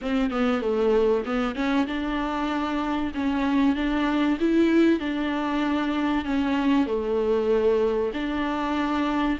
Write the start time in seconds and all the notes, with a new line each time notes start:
0.01 C4
0.30 B3
0.61 A3
1.25 B3
1.55 C#4
1.86 D4
3.14 C#4
3.75 D4
4.39 E4
4.99 D4
6.24 C#4
6.86 A3
8.13 D4